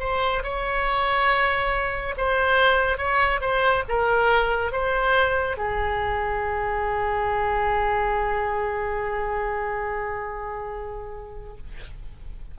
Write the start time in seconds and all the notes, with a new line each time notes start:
0.00 C5
0.44 C#5
2.17 C5
2.98 C#5
3.41 C5
3.88 A#4
4.72 C5
5.58 G#4